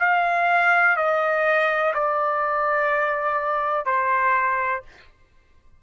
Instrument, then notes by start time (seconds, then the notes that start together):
trumpet
0.00 F5
0.97 D#5
1.94 D5
3.86 C5